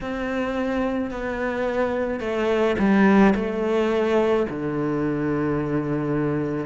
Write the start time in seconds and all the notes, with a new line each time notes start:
0.01 C4
1.11 B3
2.20 A3
2.78 G3
3.35 A3
4.49 D3